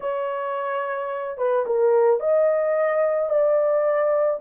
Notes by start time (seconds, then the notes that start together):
0.00 C#5
1.37 B4
1.66 A#4
2.20 D#5
3.29 D5